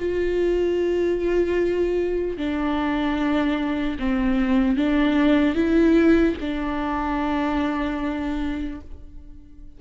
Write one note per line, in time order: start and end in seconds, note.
0.00 2.38 F4
2.38 3.98 D4
3.99 4.77 C4
4.77 5.55 D4
5.55 6.35 E4
6.41 8.81 D4